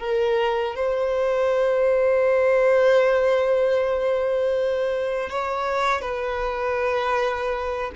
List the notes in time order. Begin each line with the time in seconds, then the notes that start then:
0.00 A#4
0.76 C5
5.30 C#5
6.02 B4